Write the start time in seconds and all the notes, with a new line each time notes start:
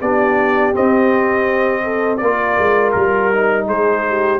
0.00 B3 D4 G4 D5
0.73 C4 D#5
1.83 A4
2.17 A#3 A#4 D5
2.24 F4
2.58 G#3
2.92 G3 A#4
3.33 D#4
3.67 G#3 G#4 C5
4.08 G4